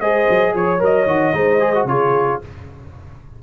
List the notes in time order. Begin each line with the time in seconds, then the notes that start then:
0.00 G#3 G#4 C5 D#5
0.30 F#3
0.55 F3 C#5
0.79 F#3 A#4 D#5
1.07 D#3 F#4
1.34 G#3 D#4 C5
1.60 G#4
1.75 F#4
1.85 C#3 F4 G#4 C#5